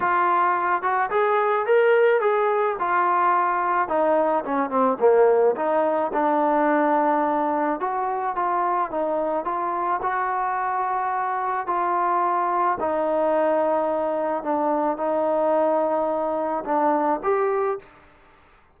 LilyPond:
\new Staff \with { instrumentName = "trombone" } { \time 4/4 \tempo 4 = 108 f'4. fis'8 gis'4 ais'4 | gis'4 f'2 dis'4 | cis'8 c'8 ais4 dis'4 d'4~ | d'2 fis'4 f'4 |
dis'4 f'4 fis'2~ | fis'4 f'2 dis'4~ | dis'2 d'4 dis'4~ | dis'2 d'4 g'4 | }